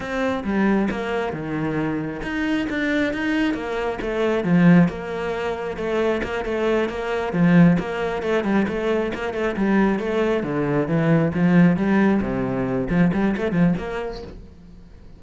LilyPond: \new Staff \with { instrumentName = "cello" } { \time 4/4 \tempo 4 = 135 c'4 g4 ais4 dis4~ | dis4 dis'4 d'4 dis'4 | ais4 a4 f4 ais4~ | ais4 a4 ais8 a4 ais8~ |
ais8 f4 ais4 a8 g8 a8~ | a8 ais8 a8 g4 a4 d8~ | d8 e4 f4 g4 c8~ | c4 f8 g8 a8 f8 ais4 | }